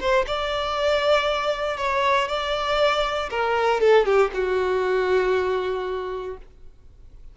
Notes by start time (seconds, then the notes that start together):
0.00 C5
0.27 D5
1.78 C#5
2.28 D5
3.30 A#4
3.81 A4
4.06 G4
4.34 F#4